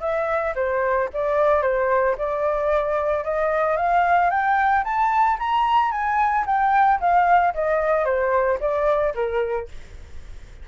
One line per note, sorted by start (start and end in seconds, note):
0.00 0.54 E5
0.55 1.09 C5
1.13 1.62 D5
1.62 2.16 C5
2.18 3.24 D5
3.24 3.76 D#5
3.76 4.30 F5
4.30 4.83 G5
4.84 5.37 A5
5.39 5.91 A#5
5.91 6.45 G#5
6.46 7.00 G5
7.00 7.53 F5
7.54 8.05 D#5
8.05 8.58 C5
8.60 9.14 D5
9.15 9.68 A#4